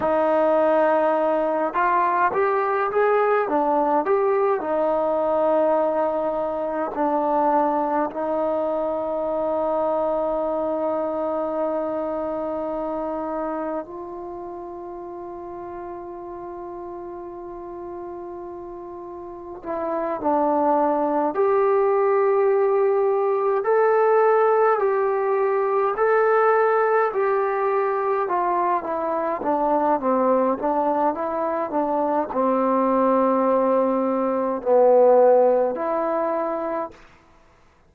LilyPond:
\new Staff \with { instrumentName = "trombone" } { \time 4/4 \tempo 4 = 52 dis'4. f'8 g'8 gis'8 d'8 g'8 | dis'2 d'4 dis'4~ | dis'1 | f'1~ |
f'4 e'8 d'4 g'4.~ | g'8 a'4 g'4 a'4 g'8~ | g'8 f'8 e'8 d'8 c'8 d'8 e'8 d'8 | c'2 b4 e'4 | }